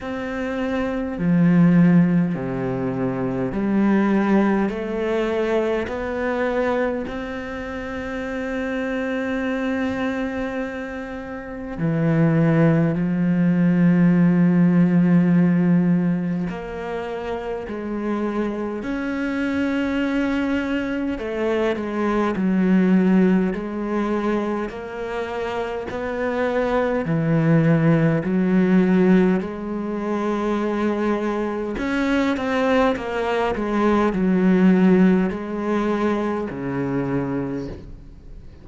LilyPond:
\new Staff \with { instrumentName = "cello" } { \time 4/4 \tempo 4 = 51 c'4 f4 c4 g4 | a4 b4 c'2~ | c'2 e4 f4~ | f2 ais4 gis4 |
cis'2 a8 gis8 fis4 | gis4 ais4 b4 e4 | fis4 gis2 cis'8 c'8 | ais8 gis8 fis4 gis4 cis4 | }